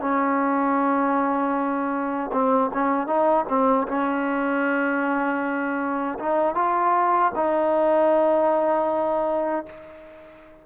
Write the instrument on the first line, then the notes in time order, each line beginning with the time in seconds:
trombone
0.00 C#4
2.32 C4
2.73 C#4
3.07 D#4
3.48 C4
3.87 C#4
6.19 D#4
6.55 F4
7.35 D#4